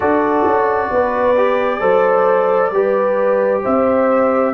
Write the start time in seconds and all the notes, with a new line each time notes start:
0.00 D4 F#4 A4 D5
0.44 C#4
0.90 B3 B4
1.37 G4
1.80 F#3 A4 C5
2.70 G3 G4 B4
3.62 C4 C5 E5